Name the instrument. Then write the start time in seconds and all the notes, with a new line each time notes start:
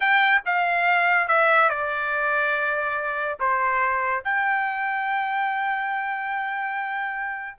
trumpet
0.00 G5
0.45 F5
1.28 E5
1.69 D5
3.39 C5
4.23 G5